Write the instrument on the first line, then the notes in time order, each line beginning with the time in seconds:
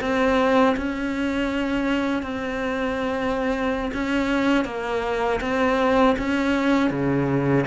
cello
0.00 C4
0.77 C#4
2.22 C4
3.93 C#4
4.65 A#3
5.40 C4
6.18 C#4
6.90 C#3